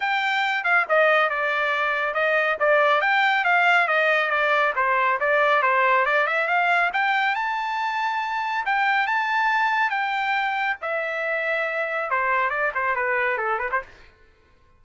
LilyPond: \new Staff \with { instrumentName = "trumpet" } { \time 4/4 \tempo 4 = 139 g''4. f''8 dis''4 d''4~ | d''4 dis''4 d''4 g''4 | f''4 dis''4 d''4 c''4 | d''4 c''4 d''8 e''8 f''4 |
g''4 a''2. | g''4 a''2 g''4~ | g''4 e''2. | c''4 d''8 c''8 b'4 a'8 b'16 c''16 | }